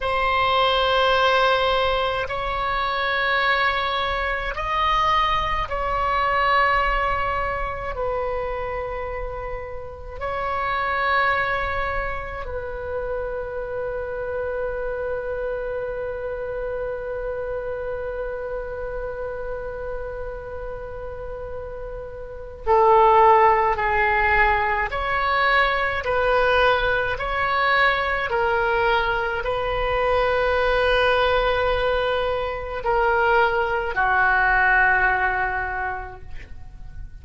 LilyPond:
\new Staff \with { instrumentName = "oboe" } { \time 4/4 \tempo 4 = 53 c''2 cis''2 | dis''4 cis''2 b'4~ | b'4 cis''2 b'4~ | b'1~ |
b'1 | a'4 gis'4 cis''4 b'4 | cis''4 ais'4 b'2~ | b'4 ais'4 fis'2 | }